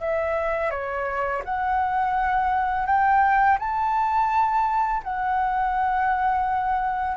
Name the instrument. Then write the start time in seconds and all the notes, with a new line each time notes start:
flute
0.00 E5
0.70 C#5
1.44 F#5
2.86 G5
3.59 A5
5.03 F#5